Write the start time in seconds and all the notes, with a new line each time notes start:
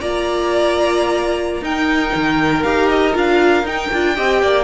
0.00 A#3 F4 D5 A#5
1.61 D#4 A#4 G5
2.15 D#3
2.63 D#4 G4 F5
2.89 D#5
3.12 D4 F4 F5
3.63 D#4 G5
3.92 D4 F4
4.15 C4 G4 D#5
4.42 A#3 D5